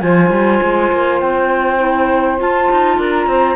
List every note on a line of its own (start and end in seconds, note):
0.00 0.30 F3
0.00 1.78 F4
0.00 2.97 C5
0.00 1.19 G#5
0.30 0.59 G3
0.62 0.91 G#3
0.92 1.21 A#3
1.20 2.40 C4
1.20 2.38 G5
1.78 2.38 E4
2.38 3.55 F4
2.38 2.70 F4
2.38 3.00 A5
2.71 2.98 D#4
2.97 3.26 D4
2.97 3.27 A#4
2.97 3.55 A#5
3.26 3.55 C4
3.26 3.55 C5